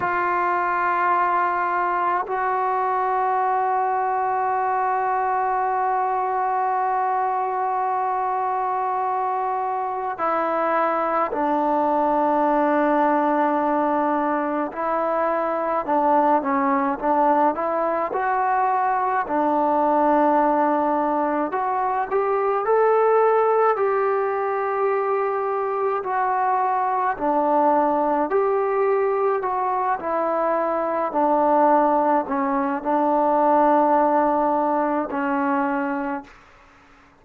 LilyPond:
\new Staff \with { instrumentName = "trombone" } { \time 4/4 \tempo 4 = 53 f'2 fis'2~ | fis'1~ | fis'4 e'4 d'2~ | d'4 e'4 d'8 cis'8 d'8 e'8 |
fis'4 d'2 fis'8 g'8 | a'4 g'2 fis'4 | d'4 g'4 fis'8 e'4 d'8~ | d'8 cis'8 d'2 cis'4 | }